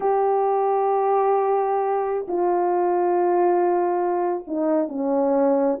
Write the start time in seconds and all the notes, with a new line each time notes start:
0.00 G4
2.28 F4
4.47 D#4
4.88 C#4